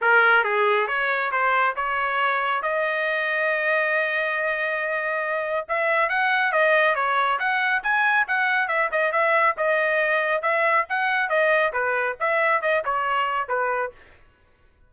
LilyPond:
\new Staff \with { instrumentName = "trumpet" } { \time 4/4 \tempo 4 = 138 ais'4 gis'4 cis''4 c''4 | cis''2 dis''2~ | dis''1~ | dis''4 e''4 fis''4 dis''4 |
cis''4 fis''4 gis''4 fis''4 | e''8 dis''8 e''4 dis''2 | e''4 fis''4 dis''4 b'4 | e''4 dis''8 cis''4. b'4 | }